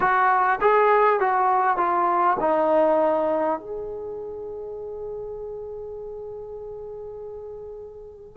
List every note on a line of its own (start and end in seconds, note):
0.00 0.59 F#4
0.61 1.19 G#4
1.19 1.77 F#4
1.77 2.37 F4
2.39 3.59 D#4
3.60 8.37 G#4